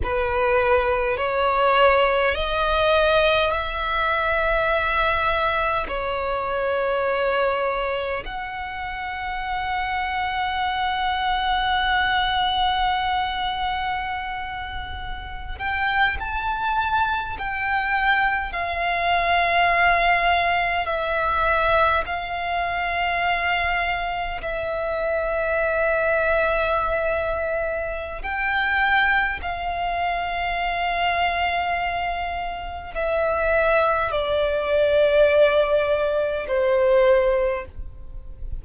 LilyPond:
\new Staff \with { instrumentName = "violin" } { \time 4/4 \tempo 4 = 51 b'4 cis''4 dis''4 e''4~ | e''4 cis''2 fis''4~ | fis''1~ | fis''4~ fis''16 g''8 a''4 g''4 f''16~ |
f''4.~ f''16 e''4 f''4~ f''16~ | f''8. e''2.~ e''16 | g''4 f''2. | e''4 d''2 c''4 | }